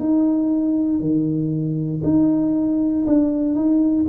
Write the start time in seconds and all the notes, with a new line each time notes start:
0.00 D#4
1.00 D#3
2.04 D#4
3.06 D4
3.55 D#4